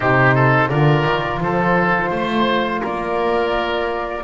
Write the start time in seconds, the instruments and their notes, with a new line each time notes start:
0.00 double bass C3, horn D#4, oboe G4, flute C5
0.34 oboe A4
0.69 double bass D3, horn F4, oboe A#4, flute D5
1.04 double bass D#3
1.39 double bass F3, oboe A4, flute C5
2.10 double bass A3, oboe C5
2.82 double bass A#3, oboe A#4, flute D5